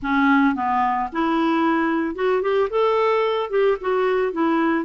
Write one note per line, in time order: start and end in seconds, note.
0.02 0.55 C#4
0.55 1.09 B3
1.12 2.15 E4
2.15 2.42 F#4
2.42 2.69 G4
2.70 3.50 A4
3.50 3.77 G4
3.81 4.32 F#4
4.32 4.85 E4